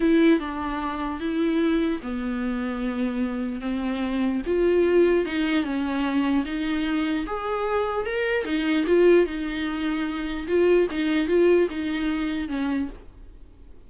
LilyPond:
\new Staff \with { instrumentName = "viola" } { \time 4/4 \tempo 4 = 149 e'4 d'2 e'4~ | e'4 b2.~ | b4 c'2 f'4~ | f'4 dis'4 cis'2 |
dis'2 gis'2 | ais'4 dis'4 f'4 dis'4~ | dis'2 f'4 dis'4 | f'4 dis'2 cis'4 | }